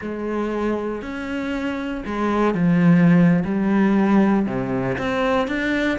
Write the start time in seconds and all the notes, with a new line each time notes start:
0.01 G#3
1.01 C#4
2.05 G#3
2.54 F3
3.44 G3
4.46 C3
4.98 C4
5.47 D4